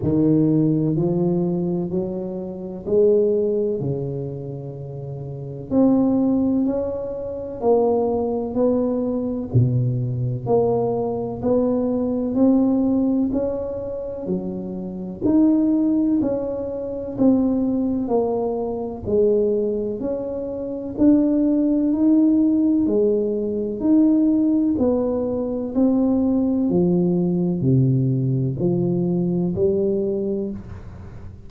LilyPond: \new Staff \with { instrumentName = "tuba" } { \time 4/4 \tempo 4 = 63 dis4 f4 fis4 gis4 | cis2 c'4 cis'4 | ais4 b4 b,4 ais4 | b4 c'4 cis'4 fis4 |
dis'4 cis'4 c'4 ais4 | gis4 cis'4 d'4 dis'4 | gis4 dis'4 b4 c'4 | f4 c4 f4 g4 | }